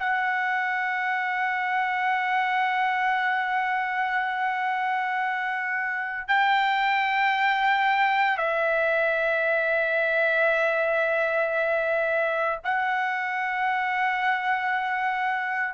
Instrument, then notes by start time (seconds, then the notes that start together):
trumpet
0.00 F#5
6.29 G5
8.38 E5
12.64 F#5